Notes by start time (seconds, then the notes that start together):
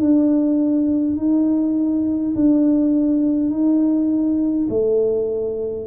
0.00 D4
1.18 D#4
2.35 D4
3.50 D#4
4.70 A3